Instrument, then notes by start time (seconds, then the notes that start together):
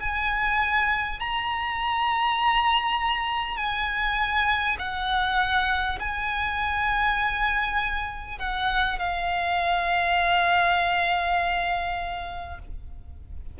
violin
0.00 G#5
1.19 A#5
3.57 G#5
4.78 F#5
5.99 G#5
8.38 F#5
8.98 F5